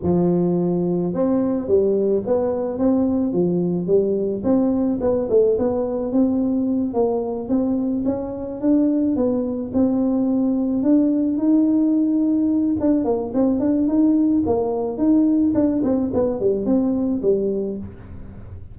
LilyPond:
\new Staff \with { instrumentName = "tuba" } { \time 4/4 \tempo 4 = 108 f2 c'4 g4 | b4 c'4 f4 g4 | c'4 b8 a8 b4 c'4~ | c'8 ais4 c'4 cis'4 d'8~ |
d'8 b4 c'2 d'8~ | d'8 dis'2~ dis'8 d'8 ais8 | c'8 d'8 dis'4 ais4 dis'4 | d'8 c'8 b8 g8 c'4 g4 | }